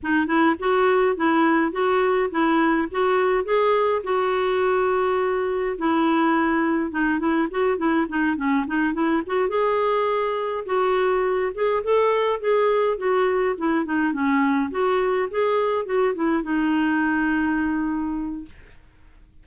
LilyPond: \new Staff \with { instrumentName = "clarinet" } { \time 4/4 \tempo 4 = 104 dis'8 e'8 fis'4 e'4 fis'4 | e'4 fis'4 gis'4 fis'4~ | fis'2 e'2 | dis'8 e'8 fis'8 e'8 dis'8 cis'8 dis'8 e'8 |
fis'8 gis'2 fis'4. | gis'8 a'4 gis'4 fis'4 e'8 | dis'8 cis'4 fis'4 gis'4 fis'8 | e'8 dis'2.~ dis'8 | }